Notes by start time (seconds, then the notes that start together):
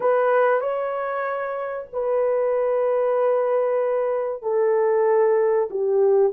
0.00 B4
0.60 C#5
1.92 B4
4.42 A4
5.70 G4